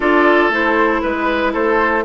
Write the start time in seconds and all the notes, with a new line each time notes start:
0.00 D4 F4 A4 D5
0.49 A3 E4 C5
1.01 G#3 B4
1.52 A3 A4 C5